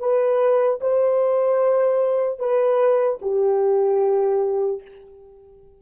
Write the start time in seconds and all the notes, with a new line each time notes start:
0.00 B4
0.81 C5
2.39 B4
3.22 G4